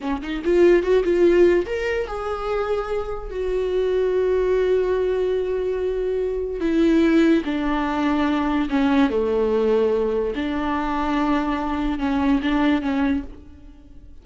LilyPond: \new Staff \with { instrumentName = "viola" } { \time 4/4 \tempo 4 = 145 cis'8 dis'8 f'4 fis'8 f'4. | ais'4 gis'2. | fis'1~ | fis'1 |
e'2 d'2~ | d'4 cis'4 a2~ | a4 d'2.~ | d'4 cis'4 d'4 cis'4 | }